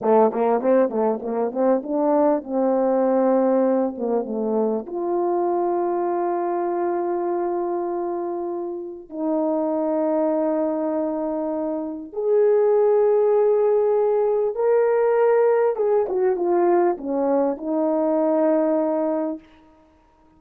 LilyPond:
\new Staff \with { instrumentName = "horn" } { \time 4/4 \tempo 4 = 99 a8 ais8 c'8 a8 ais8 c'8 d'4 | c'2~ c'8 ais8 a4 | f'1~ | f'2. dis'4~ |
dis'1 | gis'1 | ais'2 gis'8 fis'8 f'4 | cis'4 dis'2. | }